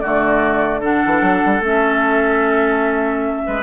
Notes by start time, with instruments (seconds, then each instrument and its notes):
0.00 bassoon D3, clarinet A3, oboe F#4, flute D5
0.80 clarinet D4, oboe A4, flute F#5
1.06 bassoon E3
1.22 bassoon F#3
1.46 bassoon G3
1.61 bassoon A3, clarinet C#4, flute E5
3.47 bassoon G#3, oboe B4